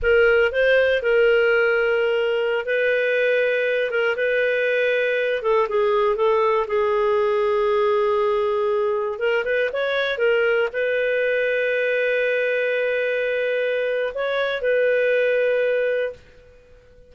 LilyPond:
\new Staff \with { instrumentName = "clarinet" } { \time 4/4 \tempo 4 = 119 ais'4 c''4 ais'2~ | ais'4~ ais'16 b'2~ b'8 ais'16~ | ais'16 b'2~ b'8 a'8 gis'8.~ | gis'16 a'4 gis'2~ gis'8.~ |
gis'2~ gis'16 ais'8 b'8 cis''8.~ | cis''16 ais'4 b'2~ b'8.~ | b'1 | cis''4 b'2. | }